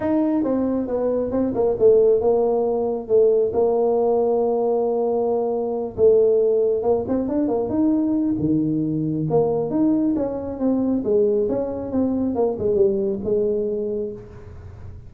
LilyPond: \new Staff \with { instrumentName = "tuba" } { \time 4/4 \tempo 4 = 136 dis'4 c'4 b4 c'8 ais8 | a4 ais2 a4 | ais1~ | ais4. a2 ais8 |
c'8 d'8 ais8 dis'4. dis4~ | dis4 ais4 dis'4 cis'4 | c'4 gis4 cis'4 c'4 | ais8 gis8 g4 gis2 | }